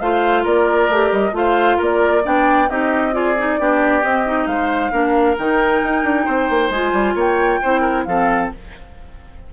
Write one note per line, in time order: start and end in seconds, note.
0.00 0.45 A3
0.00 0.92 F4
0.00 0.43 C5
0.00 0.45 F5
0.43 0.89 A#3
0.43 1.32 A#4
0.43 1.12 D5
0.89 1.11 A3
0.89 1.32 G4
1.12 1.32 G3
1.12 1.35 D#5
1.32 1.77 A3
1.32 2.22 F4
1.32 1.77 C5
1.32 1.81 F5
1.77 2.25 A#3
1.77 2.22 A#4
1.83 2.26 D5
2.24 2.70 B3
2.24 2.68 D4
2.24 2.69 D5
2.24 2.69 G5
2.69 3.59 C4
2.69 3.12 D#4
2.69 3.14 G4
2.69 3.14 D#5
3.12 3.35 F4
3.12 3.60 G#4
3.12 4.03 D5
3.38 3.59 D#4
3.59 4.03 B3
3.59 4.02 D4
3.59 4.49 G4
4.02 4.24 C4
4.02 4.46 C4
4.02 4.47 D#5
4.25 4.91 D#4
4.46 4.91 G#3
4.46 4.92 C5
4.46 5.36 F5
4.91 5.37 A#3
4.91 5.36 D4
4.91 6.25 A#4
5.38 5.83 D#3
5.38 6.74 D#4
5.38 6.71 G5
5.83 6.03 D#4
6.03 6.26 D4
6.25 6.50 C4
6.25 7.14 C5
6.50 6.69 A#3
6.69 6.92 G#3
6.69 7.63 F4
6.69 7.16 G#5
6.93 7.15 G3
7.15 7.60 A#3
7.15 7.60 C#5
7.15 8.04 G5
7.62 8.06 C4
7.62 8.08 E4
7.62 7.81 C5
7.81 8.03 A#4
8.04 8.51 F3
8.04 8.53 C4
8.04 8.53 A4
8.04 8.49 F5